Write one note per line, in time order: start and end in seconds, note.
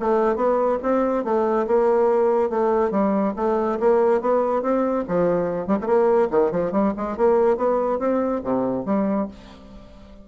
0.00 0.36 A3
0.36 0.78 B3
0.83 1.24 C4
1.24 1.67 A3
1.67 2.50 A#3
2.50 2.91 A3
2.91 3.33 G3
3.36 3.79 A3
3.80 4.21 A#3
4.21 4.62 B3
4.62 5.04 C4
5.08 5.67 F3
5.67 5.78 G3
5.81 5.87 A3
5.81 6.29 A#3
6.31 6.52 D#3
6.52 6.72 F3
6.72 6.93 G3
6.97 7.17 G#3
7.17 7.57 A#3
7.57 7.99 B3
7.99 8.41 C4
8.44 8.85 C3
8.85 9.28 G3